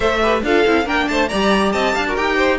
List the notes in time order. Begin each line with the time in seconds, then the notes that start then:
0.00 A3 A4 C5 E5
0.22 G4 B4
0.42 D4 F4 A4 F5
0.66 C4 E4
0.84 A#3 D4 A#4 G5
1.08 A3 C5 A5
1.28 G3 G4 D5 A#5
1.72 C4 D#5 A5
1.95 D4 F5
2.07 F#4 A#4
2.15 D#4 G4 G5
2.36 C5